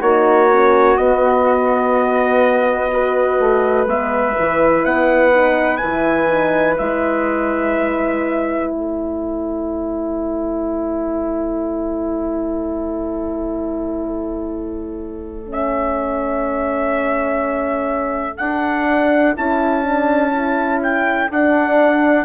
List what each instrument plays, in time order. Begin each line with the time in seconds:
0.00 bassoon A#3, horn D#4, flute F#4, trumpet C#5
0.52 horn C#4
0.97 horn B3, bassoon B3, trumpet D#5
2.91 horn F#4, flute B4
3.40 bassoon A3
3.86 bassoon G#3, horn B3, trumpet E5
4.39 bassoon E3, horn E4
4.84 bassoon B3, trumpet F#5
5.32 horn D#4
5.77 bassoon E3, horn E4, trumpet G#5
6.28 horn D#4
6.78 bassoon G#3, horn E4, trumpet E5
8.71 bassoon A3, flute A4, trumpet C#5
15.46 horn C#4
15.53 trumpet E5
18.38 bassoon D4, horn D4, trumpet F#5
19.36 bassoon C#4, horn E4, trumpet A5
19.84 horn D4
20.32 horn E4
20.83 trumpet G5
21.29 horn D4, bassoon D4, trumpet F#5